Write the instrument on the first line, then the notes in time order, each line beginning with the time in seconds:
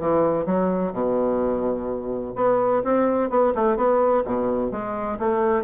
bassoon
0.00 E3
0.46 F#3
0.93 B2
2.36 B3
2.84 C4
3.30 B3
3.55 A3
3.77 B3
4.25 B2
4.72 G#3
5.19 A3